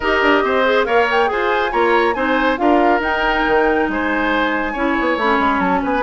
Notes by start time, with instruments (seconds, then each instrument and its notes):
0.00 bassoon D#4, clarinet G4, oboe A#4, flute D#5
0.22 bassoon D4
0.43 bassoon C4, oboe C5
0.64 clarinet G#4
0.84 bassoon A#3, clarinet A#4, oboe C#5, flute F5
1.10 flute G5
1.26 bassoon F4, clarinet G#4, oboe C5, flute G#5
1.71 bassoon A#3, clarinet F4, oboe C#5, flute A#5
2.14 bassoon C4, clarinet D#4, oboe C5, flute G#5
2.56 bassoon D4, clarinet F4, oboe A#4, flute F5
3.00 bassoon D#4, clarinet D#4, flute G5
3.46 bassoon D#3
3.88 bassoon G#3, oboe C5, flute G#5
4.72 bassoon C#4, clarinet E4, oboe C#5
5.00 bassoon B3
5.17 bassoon A3, clarinet C#4, flute B5
5.39 bassoon G#3
5.59 bassoon F#3, flute A5
5.82 bassoon B3, oboe B4, flute G#5